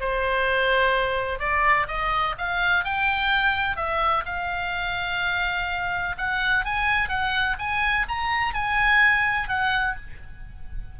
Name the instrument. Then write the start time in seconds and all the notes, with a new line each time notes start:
oboe
0.00 C5
1.39 D5
1.87 D#5
2.38 F5
2.84 G5
3.76 E5
4.26 F5
6.18 F#5
6.65 G#5
7.09 F#5
7.58 G#5
8.08 A#5
8.54 G#5
9.48 F#5